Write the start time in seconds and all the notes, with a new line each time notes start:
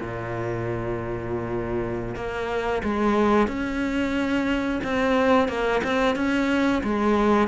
0.00 A#2
2.15 A#3
2.83 G#3
3.48 C#4
4.84 C4
5.48 A#3
5.84 C4
6.15 C#4
6.84 G#3